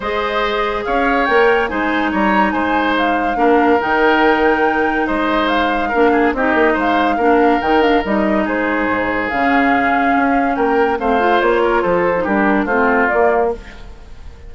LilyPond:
<<
  \new Staff \with { instrumentName = "flute" } { \time 4/4 \tempo 4 = 142 dis''2 f''4 g''4 | gis''4 ais''4 gis''4 f''4~ | f''4 g''2. | dis''4 f''2 dis''4 |
f''2 g''8 f''8 dis''4 | c''2 f''2~ | f''4 g''4 f''4 cis''4 | c''4 ais'4 c''4 d''4 | }
  \new Staff \with { instrumentName = "oboe" } { \time 4/4 c''2 cis''2 | c''4 cis''4 c''2 | ais'1 | c''2 ais'8 gis'8 g'4 |
c''4 ais'2. | gis'1~ | gis'4 ais'4 c''4. ais'8 | a'4 g'4 f'2 | }
  \new Staff \with { instrumentName = "clarinet" } { \time 4/4 gis'2. ais'4 | dis'1 | d'4 dis'2.~ | dis'2 d'4 dis'4~ |
dis'4 d'4 dis'8 d'8 dis'4~ | dis'2 cis'2~ | cis'2 c'8 f'4.~ | f'8. dis'16 d'4 c'4 ais4 | }
  \new Staff \with { instrumentName = "bassoon" } { \time 4/4 gis2 cis'4 ais4 | gis4 g4 gis2 | ais4 dis2. | gis2 ais4 c'8 ais8 |
gis4 ais4 dis4 g4 | gis4 gis,4 cis2 | cis'4 ais4 a4 ais4 | f4 g4 a4 ais4 | }
>>